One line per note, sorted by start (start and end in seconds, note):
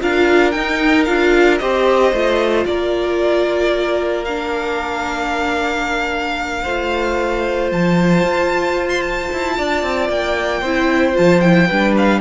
0.00 0.55 D4
0.00 0.53 F4
0.00 1.61 A#4
0.00 0.51 F5
0.51 1.07 D#4
0.51 1.08 D#4
0.51 1.04 G5
1.04 1.61 D4
1.04 1.60 F4
1.04 1.58 F5
1.58 2.12 C4
1.58 2.13 G4
1.58 2.67 C5
1.58 2.64 D#5
2.12 2.65 A3
2.12 4.27 F4
2.66 6.64 A#3
2.66 6.62 A#4
2.66 4.24 D5
4.24 6.66 D4
4.24 7.69 F5
6.62 7.72 A3
6.62 10.64 F4
6.62 9.54 C5
7.72 8.23 F3
7.72 8.89 A5
8.23 9.30 F4
8.89 9.01 C6
9.01 10.07 A5
9.32 9.59 E4
9.58 9.83 D4
9.58 10.61 D5
9.83 10.09 C4
10.09 10.62 A#3
10.09 11.16 G5
10.61 11.15 C4
10.61 11.13 E4
10.61 11.67 C5
11.13 11.71 F3
11.13 11.40 F4
11.13 11.41 A5
11.41 11.69 E4
11.41 11.94 G5
11.68 12.20 G3
11.68 12.20 D4
11.68 12.20 B4
11.97 12.20 F5